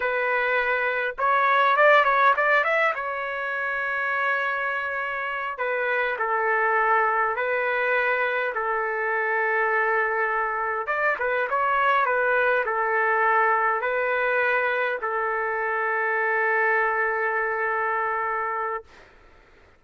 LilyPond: \new Staff \with { instrumentName = "trumpet" } { \time 4/4 \tempo 4 = 102 b'2 cis''4 d''8 cis''8 | d''8 e''8 cis''2.~ | cis''4. b'4 a'4.~ | a'8 b'2 a'4.~ |
a'2~ a'8 d''8 b'8 cis''8~ | cis''8 b'4 a'2 b'8~ | b'4. a'2~ a'8~ | a'1 | }